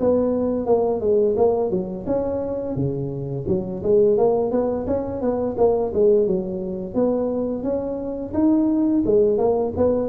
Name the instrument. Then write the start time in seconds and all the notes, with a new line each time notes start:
tuba
0.00 B3
0.66 A#3
1.01 G#3
1.37 A#3
1.71 F#3
2.07 C#4
2.76 C#3
3.48 F#3
3.83 G#3
4.18 A#3
4.51 B3
4.87 C#4
5.21 B3
5.58 A#3
5.94 G#3
6.27 F#3
6.95 B3
7.63 C#4
8.34 D#4
9.06 G#3
9.38 A#3
9.77 B3